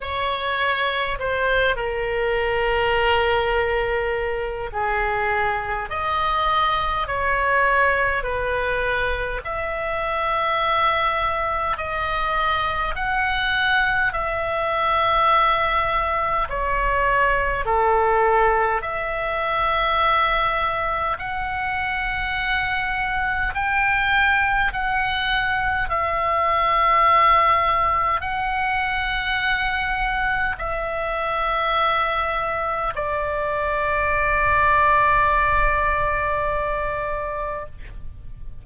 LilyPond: \new Staff \with { instrumentName = "oboe" } { \time 4/4 \tempo 4 = 51 cis''4 c''8 ais'2~ ais'8 | gis'4 dis''4 cis''4 b'4 | e''2 dis''4 fis''4 | e''2 cis''4 a'4 |
e''2 fis''2 | g''4 fis''4 e''2 | fis''2 e''2 | d''1 | }